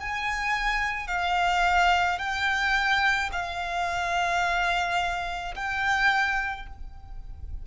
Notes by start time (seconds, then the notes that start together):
0.00 G#5
1.07 F5
2.18 G5
3.32 F5
5.55 G5